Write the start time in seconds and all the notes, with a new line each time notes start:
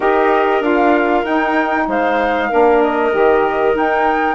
0.00 D#4 G4 A#4 D#5
0.60 D4 F4 F5
1.23 D#4 G5
1.87 G#3 C5 F5
2.49 A#3 D4 A#4
2.82 D#5
3.11 D#3 G4
3.73 D#4 G5